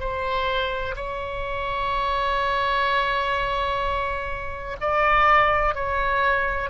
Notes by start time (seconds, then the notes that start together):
0.00 C5
0.96 C#5
4.81 D5
5.75 C#5